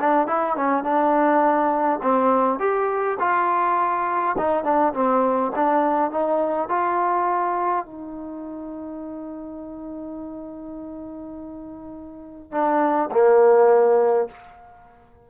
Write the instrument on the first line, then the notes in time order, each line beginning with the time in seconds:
trombone
0.00 D4
0.27 E4
0.56 C#4
0.83 D4
2.02 C4
2.59 G4
3.20 F4
4.38 D#4
4.64 D4
4.94 C4
5.56 D4
6.11 D#4
6.69 F4
7.86 D#4
12.52 D4
13.11 A#3